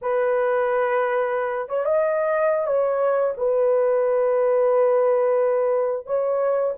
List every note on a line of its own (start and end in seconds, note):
0.01 1.69 B4
1.69 1.84 C#5
1.84 2.66 D#5
2.66 3.34 C#5
3.37 6.06 B4
6.06 6.74 C#5